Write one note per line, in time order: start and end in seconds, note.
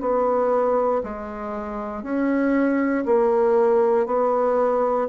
0.00 1.02 B3
1.03 2.03 G#3
2.03 3.05 C#4
3.05 4.06 A#3
4.06 5.08 B3